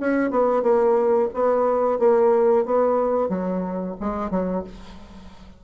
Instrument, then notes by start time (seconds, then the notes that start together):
bassoon
0.00 C#4
0.31 B3
0.63 A#3
1.34 B3
1.99 A#3
2.65 B3
3.29 F#3
4.00 G#3
4.31 F#3